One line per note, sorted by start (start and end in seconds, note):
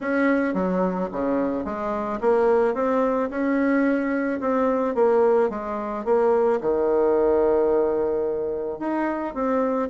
0.00 0.54 C#4
0.54 1.09 F#3
1.12 1.64 C#3
1.64 2.19 G#3
2.20 2.74 A#3
2.74 3.29 C4
3.30 4.40 C#4
4.40 4.94 C4
4.94 5.49 A#3
5.49 6.04 G#3
6.04 6.59 A#3
6.61 8.79 D#3
8.79 9.34 D#4
9.34 9.89 C4